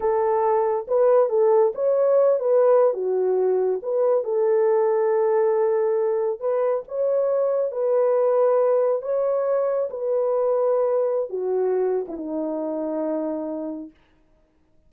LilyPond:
\new Staff \with { instrumentName = "horn" } { \time 4/4 \tempo 4 = 138 a'2 b'4 a'4 | cis''4. b'4~ b'16 fis'4~ fis'16~ | fis'8. b'4 a'2~ a'16~ | a'2~ a'8. b'4 cis''16~ |
cis''4.~ cis''16 b'2~ b'16~ | b'8. cis''2 b'4~ b'16~ | b'2 fis'4.~ fis'16 e'16 | dis'1 | }